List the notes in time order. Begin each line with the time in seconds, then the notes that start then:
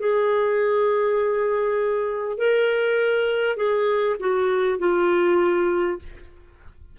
0.00 G#4
2.38 A#4
3.57 G#4
4.20 F#4
4.79 F4